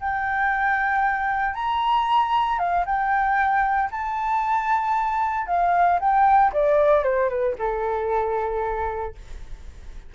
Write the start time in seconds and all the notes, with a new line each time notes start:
0.00 G5
1.54 A#5
2.59 F5
2.85 G5
3.91 A5
5.47 F5
6.00 G5
6.53 D5
7.03 C5
7.29 B4
7.58 A4